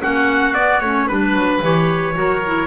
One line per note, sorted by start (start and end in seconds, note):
0.00 0.54 A#3
0.00 0.54 C#4
0.00 1.06 F#4
0.00 0.54 F#5
0.54 0.80 B3
0.54 0.81 B3
0.54 0.80 D5
0.81 1.07 A3
0.81 1.09 C#4
0.81 1.07 C#5
1.06 1.33 G3
1.06 1.62 D4
1.06 2.14 B4
1.06 1.62 B4
1.33 1.60 F#3
1.62 2.16 E3
1.62 2.14 G4
1.62 2.67 C#5
2.14 2.67 F#3
2.14 2.40 F#4
2.14 2.67 A#4
2.46 2.67 E4